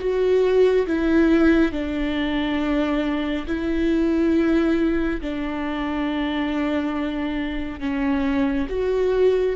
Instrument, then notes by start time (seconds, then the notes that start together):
viola
0.00 F#4
0.87 E4
1.72 D4
3.47 E4
5.22 D4
7.80 C#4
8.70 F#4